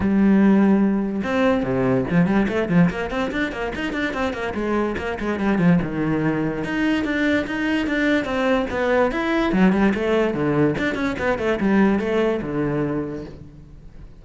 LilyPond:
\new Staff \with { instrumentName = "cello" } { \time 4/4 \tempo 4 = 145 g2. c'4 | c4 f8 g8 a8 f8 ais8 c'8 | d'8 ais8 dis'8 d'8 c'8 ais8 gis4 | ais8 gis8 g8 f8 dis2 |
dis'4 d'4 dis'4 d'4 | c'4 b4 e'4 fis8 g8 | a4 d4 d'8 cis'8 b8 a8 | g4 a4 d2 | }